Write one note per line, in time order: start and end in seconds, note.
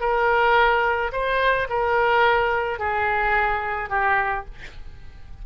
0.00 1.11 A#4
1.12 1.67 C5
1.69 2.79 A#4
2.79 3.89 G#4
3.89 4.45 G4